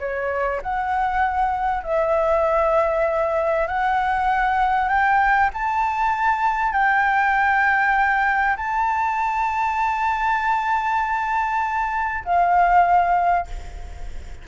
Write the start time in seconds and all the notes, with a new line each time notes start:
0.00 C#5
0.63 F#5
1.84 E5
3.68 F#5
4.89 G5
5.54 A5
6.73 G5
8.57 A5
12.25 F5